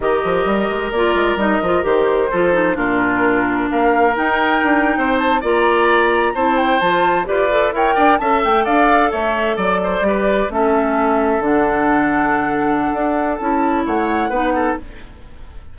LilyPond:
<<
  \new Staff \with { instrumentName = "flute" } { \time 4/4 \tempo 4 = 130 dis''2 d''4 dis''4 | c''2 ais'2 | f''4 g''2~ g''16 a''8 ais''16~ | ais''4.~ ais''16 a''8 g''8 a''4 d''16~ |
d''8. g''4 a''8 g''8 f''4 e''16~ | e''8. d''2 e''4~ e''16~ | e''8. fis''2.~ fis''16~ | fis''4 a''4 fis''2 | }
  \new Staff \with { instrumentName = "oboe" } { \time 4/4 ais'1~ | ais'4 a'4 f'2 | ais'2~ ais'8. c''4 d''16~ | d''4.~ d''16 c''2 b'16~ |
b'8. cis''8 d''8 e''4 d''4 cis''16~ | cis''8. d''8 c''8 b'4 a'4~ a'16~ | a'1~ | a'2 cis''4 b'8 a'8 | }
  \new Staff \with { instrumentName = "clarinet" } { \time 4/4 g'2 f'4 dis'8 f'8 | g'4 f'8 dis'8 d'2~ | d'4 dis'2~ dis'8. f'16~ | f'4.~ f'16 e'4 f'4 g'16~ |
g'16 a'8 ais'4 a'2~ a'16~ | a'4.~ a'16 g'4 cis'4~ cis'16~ | cis'8. d'2.~ d'16~ | d'4 e'2 dis'4 | }
  \new Staff \with { instrumentName = "bassoon" } { \time 4/4 dis8 f8 g8 gis8 ais8 gis8 g8 f8 | dis4 f4 ais,2 | ais4 dis'4 d'8. c'4 ais16~ | ais4.~ ais16 c'4 f4 f'16~ |
f'8. e'8 d'8 cis'8 a8 d'4 a16~ | a8. fis4 g4 a4~ a16~ | a8. d2.~ d16 | d'4 cis'4 a4 b4 | }
>>